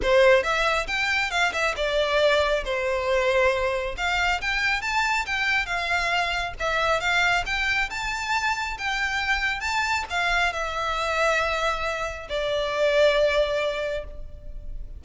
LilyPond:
\new Staff \with { instrumentName = "violin" } { \time 4/4 \tempo 4 = 137 c''4 e''4 g''4 f''8 e''8 | d''2 c''2~ | c''4 f''4 g''4 a''4 | g''4 f''2 e''4 |
f''4 g''4 a''2 | g''2 a''4 f''4 | e''1 | d''1 | }